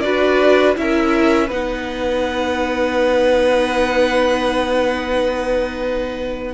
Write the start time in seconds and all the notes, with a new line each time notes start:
0.00 D4 F#4 B4 D5
0.75 C#4 E4 A#4 E5
1.47 B3 D#4 B4 F#5